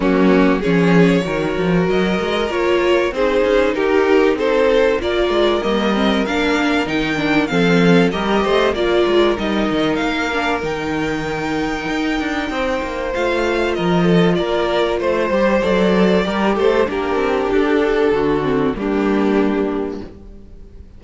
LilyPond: <<
  \new Staff \with { instrumentName = "violin" } { \time 4/4 \tempo 4 = 96 fis'4 cis''2 dis''4 | cis''4 c''4 ais'4 c''4 | d''4 dis''4 f''4 g''4 | f''4 dis''4 d''4 dis''4 |
f''4 g''2.~ | g''4 f''4 dis''4 d''4 | c''4 d''4. c''8 ais'4 | a'2 g'2 | }
  \new Staff \with { instrumentName = "violin" } { \time 4/4 cis'4 gis'4 ais'2~ | ais'4 gis'4 g'4 a'4 | ais'1 | a'4 ais'8 c''8 ais'2~ |
ais'1 | c''2 ais'8 a'8 ais'4 | c''2 ais'8 a'8 g'4~ | g'4 fis'4 d'2 | }
  \new Staff \with { instrumentName = "viola" } { \time 4/4 ais4 cis'4 fis'2 | f'4 dis'2. | f'4 ais8 c'8 d'4 dis'8 d'8 | c'4 g'4 f'4 dis'4~ |
dis'8 d'8 dis'2.~ | dis'4 f'2.~ | f'8 g'8 a'4 g'4 d'4~ | d'4. c'8 ais2 | }
  \new Staff \with { instrumentName = "cello" } { \time 4/4 fis4 f4 dis8 f8 fis8 gis8 | ais4 c'8 cis'8 dis'4 c'4 | ais8 gis8 g4 ais4 dis4 | f4 g8 a8 ais8 gis8 g8 dis8 |
ais4 dis2 dis'8 d'8 | c'8 ais8 a4 f4 ais4 | a8 g8 fis4 g8 a8 ais8 c'8 | d'4 d4 g2 | }
>>